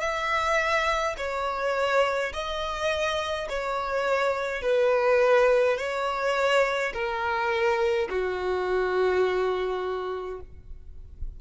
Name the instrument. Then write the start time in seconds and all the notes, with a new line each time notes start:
violin
0.00 E5
1.17 C#5
2.33 D#5
3.49 C#5
4.62 B4
5.77 C#5
6.93 A#4
8.09 F#4